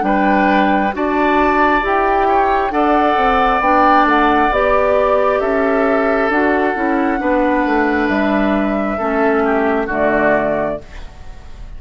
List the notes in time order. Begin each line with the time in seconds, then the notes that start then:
0.00 G3 D4 B4 G5
0.93 D4 F#4 D5 A5
1.82 E4 G4 G5
2.28 C#5
2.71 D4 A4 D5 F#5
3.17 C4
3.61 B3 D4 G5
4.05 A3 F#5
4.52 B3 G4 D5
5.41 C#4 A4 E5
6.29 D4 F#4 F#5
6.75 C#4 E4
7.18 B3 D4 B4
7.66 A3
8.09 G3 E5
8.98 A3 C#4 A4
9.45 G4
9.87 D3 A3 F#4 D5